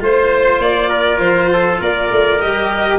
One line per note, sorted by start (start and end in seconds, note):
0.00 0.59 A3
0.00 2.40 F4
0.00 0.90 C5
0.00 0.62 C5
0.59 1.20 A#3
0.59 1.19 D5
0.90 1.50 A#4
1.19 1.79 F3
1.19 1.79 C5
1.53 1.81 A4
1.81 2.11 A#3
1.81 3.00 A#4
1.81 2.42 D5
2.12 2.42 A3
2.41 3.00 G3
2.41 3.00 G4
2.41 3.00 D#5